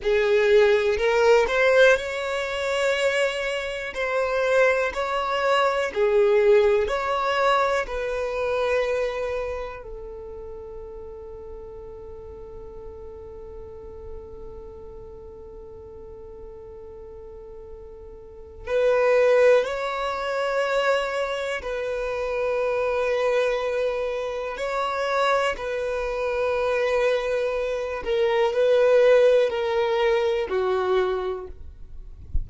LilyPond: \new Staff \with { instrumentName = "violin" } { \time 4/4 \tempo 4 = 61 gis'4 ais'8 c''8 cis''2 | c''4 cis''4 gis'4 cis''4 | b'2 a'2~ | a'1~ |
a'2. b'4 | cis''2 b'2~ | b'4 cis''4 b'2~ | b'8 ais'8 b'4 ais'4 fis'4 | }